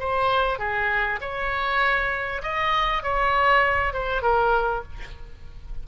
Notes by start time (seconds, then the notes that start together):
0.00 C5
0.59 G#4
1.21 C#5
2.43 D#5
3.03 C#5
3.93 C5
4.22 A#4